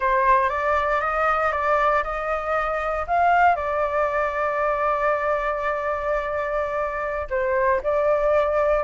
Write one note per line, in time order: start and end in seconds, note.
0.00 0.49 C5
0.49 1.00 D5
1.00 1.52 D#5
1.52 2.03 D5
2.03 3.06 D#5
3.07 3.55 F5
3.55 7.27 D5
7.30 7.81 C5
7.83 8.83 D5